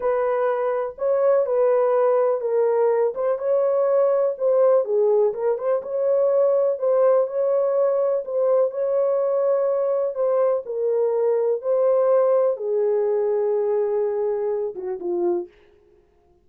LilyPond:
\new Staff \with { instrumentName = "horn" } { \time 4/4 \tempo 4 = 124 b'2 cis''4 b'4~ | b'4 ais'4. c''8 cis''4~ | cis''4 c''4 gis'4 ais'8 c''8 | cis''2 c''4 cis''4~ |
cis''4 c''4 cis''2~ | cis''4 c''4 ais'2 | c''2 gis'2~ | gis'2~ gis'8 fis'8 f'4 | }